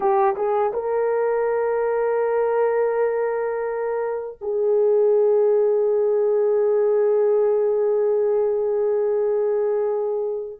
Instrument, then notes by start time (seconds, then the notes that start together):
horn
0.00 G4
0.35 G#4
0.73 A#4
4.41 G#4